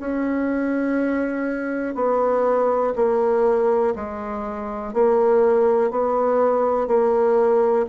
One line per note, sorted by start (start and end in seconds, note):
0.00 1.95 C#4
1.95 2.93 B3
2.96 3.94 A#3
3.96 4.94 G#3
4.94 5.91 A#3
5.91 6.88 B3
6.88 7.86 A#3